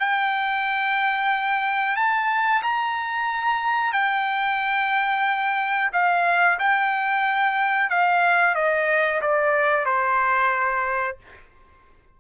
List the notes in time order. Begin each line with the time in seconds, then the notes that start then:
0.00 G5
1.97 A5
2.63 A#5
3.93 G5
5.93 F5
6.60 G5
7.90 F5
8.55 D#5
9.22 D5
9.86 C5